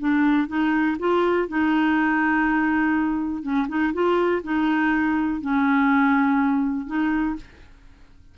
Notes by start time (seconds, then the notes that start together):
0.00 D4
0.48 D#4
0.99 F4
1.49 D#4
3.43 C#4
3.69 D#4
3.94 F4
4.44 D#4
5.41 C#4
6.87 D#4